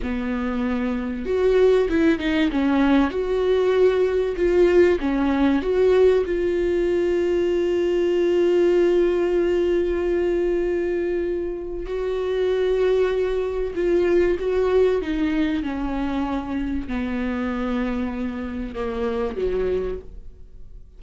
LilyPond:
\new Staff \with { instrumentName = "viola" } { \time 4/4 \tempo 4 = 96 b2 fis'4 e'8 dis'8 | cis'4 fis'2 f'4 | cis'4 fis'4 f'2~ | f'1~ |
f'2. fis'4~ | fis'2 f'4 fis'4 | dis'4 cis'2 b4~ | b2 ais4 fis4 | }